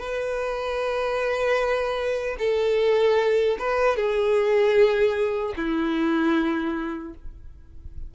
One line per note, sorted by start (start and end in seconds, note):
0.00 2.37 B4
2.39 3.57 A4
3.59 3.97 B4
3.97 5.54 G#4
5.57 7.14 E4